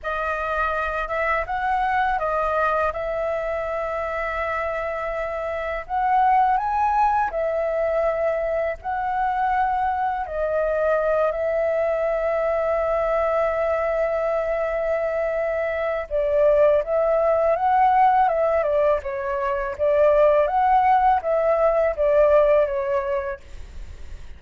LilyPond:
\new Staff \with { instrumentName = "flute" } { \time 4/4 \tempo 4 = 82 dis''4. e''8 fis''4 dis''4 | e''1 | fis''4 gis''4 e''2 | fis''2 dis''4. e''8~ |
e''1~ | e''2 d''4 e''4 | fis''4 e''8 d''8 cis''4 d''4 | fis''4 e''4 d''4 cis''4 | }